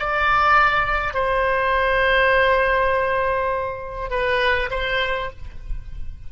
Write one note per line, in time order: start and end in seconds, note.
0.00 1.14 D5
1.14 4.11 C5
4.11 4.70 B4
4.71 5.31 C5